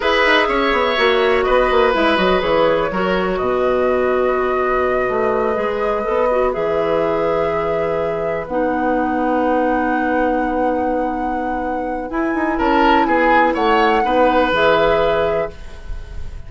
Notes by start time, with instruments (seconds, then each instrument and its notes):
0.00 bassoon E4, clarinet G#4, oboe B4, flute E5
0.25 bassoon D#4
0.48 bassoon C#4, oboe C#5
0.72 bassoon B3
0.97 bassoon A#3, clarinet F#4
1.42 bassoon B3, oboe B4, flute D#5
1.70 bassoon A#3
1.93 bassoon G#3, clarinet E4, flute E5
2.16 bassoon F#3, clarinet F#4, flute D#5
2.40 bassoon E3, clarinet G#4, flute C#5
2.91 bassoon F#3, clarinet F#4, oboe A#4
3.37 bassoon B2, oboe B4, flute D#5
5.08 bassoon A3
5.55 bassoon G#3, clarinet G#4
6.03 bassoon B3, clarinet A4
6.31 clarinet F#4
6.52 bassoon E3, clarinet G#4, flute E5
8.47 bassoon B3, clarinet D#4, flute F#5
12.10 bassoon E4, clarinet E4, flute G#5
12.34 bassoon D#4
12.58 bassoon C#4, oboe A#4, flute A5
13.05 bassoon B3, oboe G#4, flute G#5
13.53 bassoon A3, oboe C#5, flute F#5
14.03 bassoon B3, clarinet D#4, oboe B4
14.51 bassoon E3, clarinet G#4, flute E5